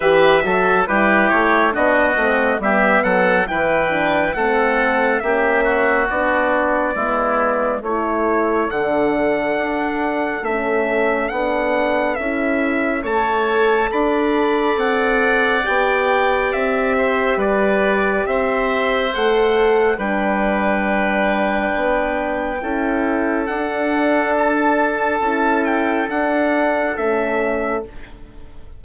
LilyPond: <<
  \new Staff \with { instrumentName = "trumpet" } { \time 4/4 \tempo 4 = 69 e''4 b'8 cis''8 dis''4 e''8 fis''8 | g''4 fis''4 e''4 d''4~ | d''4 cis''4 fis''2 | e''4 fis''4 e''4 a''4 |
b''4 fis''4 g''4 e''4 | d''4 e''4 fis''4 g''4~ | g''2. fis''4 | a''4. g''8 fis''4 e''4 | }
  \new Staff \with { instrumentName = "oboe" } { \time 4/4 b'8 a'8 g'4 fis'4 g'8 a'8 | b'4 a'4 g'8 fis'4. | e'4 a'2.~ | a'2. cis''4 |
d''2.~ d''8 c''8 | b'4 c''2 b'4~ | b'2 a'2~ | a'1 | }
  \new Staff \with { instrumentName = "horn" } { \time 4/4 g'8 fis'8 e'4 d'8 c'8 b4 | e'8 d'8 c'4 cis'4 d'4 | b4 e'4 d'2 | cis'4 d'4 e'4 a'4~ |
a'2 g'2~ | g'2 a'4 d'4~ | d'2 e'4 d'4~ | d'4 e'4 d'4 cis'4 | }
  \new Staff \with { instrumentName = "bassoon" } { \time 4/4 e8 fis8 g8 a8 b8 a8 g8 fis8 | e4 a4 ais4 b4 | gis4 a4 d4 d'4 | a4 b4 cis'4 a4 |
d'4 c'4 b4 c'4 | g4 c'4 a4 g4~ | g4 b4 cis'4 d'4~ | d'4 cis'4 d'4 a4 | }
>>